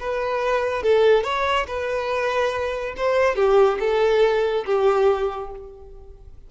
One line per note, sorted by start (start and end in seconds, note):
0.00 0.83 B4
0.83 1.24 A4
1.24 1.66 C#5
1.67 2.95 B4
2.97 3.36 C5
3.36 3.78 G4
3.80 4.65 A4
4.66 5.51 G4